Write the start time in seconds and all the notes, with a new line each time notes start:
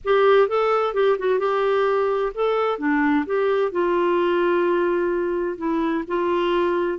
0.04 G4
0.48 A4
0.94 G4
1.18 F#4
1.39 G4
2.34 A4
2.78 D4
3.26 G4
3.71 F4
5.57 E4
6.07 F4